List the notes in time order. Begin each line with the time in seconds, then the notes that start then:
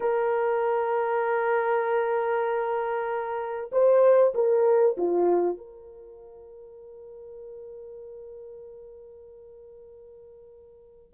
0.00 A#4
3.71 C5
4.34 A#4
4.97 F4
5.57 A#4